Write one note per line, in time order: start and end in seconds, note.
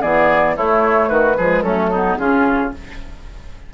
0.00 0.56 E3
0.00 0.56 B3
0.00 0.54 G#4
0.00 0.55 D5
0.56 1.37 A3
0.56 1.10 A3
0.56 1.09 E4
0.56 1.08 C#5
1.08 1.37 D#3
1.08 1.36 F#4
1.08 1.62 B4
1.37 1.63 F3
1.37 1.66 G#3
1.37 1.63 G#4
1.62 2.17 F#3
1.62 1.93 A3
1.62 1.90 C#4
1.62 2.16 A4
1.90 2.19 B3
1.90 2.17 D#4
2.17 2.72 C#3
2.17 2.73 C#4
2.17 2.73 F4
2.17 2.71 G#4